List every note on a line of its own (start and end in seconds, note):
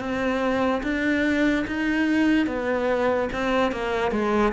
0.00 0.82 C4
0.83 1.66 D4
1.67 2.47 D#4
2.47 3.29 B3
3.33 3.72 C4
3.72 4.12 A#3
4.12 4.53 G#3